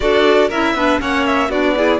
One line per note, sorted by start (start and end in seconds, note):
0.00 0.51 D4
0.00 0.50 F#4
0.00 0.48 A4
0.00 0.49 D5
0.48 0.73 C#4
0.48 0.76 E4
0.48 0.73 A#4
0.48 1.00 E5
0.73 0.98 B3
0.73 0.99 D4
0.73 1.01 B4
0.99 1.49 A#3
0.99 1.49 C#4
0.99 1.49 C#5
0.99 1.26 F#5
1.26 1.51 E5
1.49 1.99 B3
1.49 1.75 D4
1.49 1.74 F#4
1.49 2.00 D5
1.75 2.00 E4
1.75 2.00 G#4